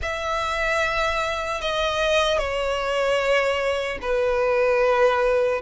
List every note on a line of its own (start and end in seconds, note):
0.02 1.61 E5
1.61 2.38 D#5
2.38 3.98 C#5
4.01 5.61 B4